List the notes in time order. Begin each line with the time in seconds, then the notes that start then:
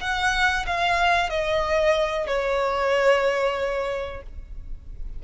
0.00 F#5
0.66 F5
1.29 D#5
2.26 C#5